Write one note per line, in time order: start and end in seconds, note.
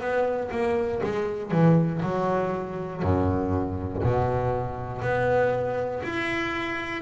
0.00 0.50 B3
0.51 1.01 A#3
1.03 1.51 G#3
1.51 2.01 E3
2.02 3.02 F#3
3.02 4.02 F#2
4.03 5.02 B2
5.02 6.02 B3
6.03 7.02 E4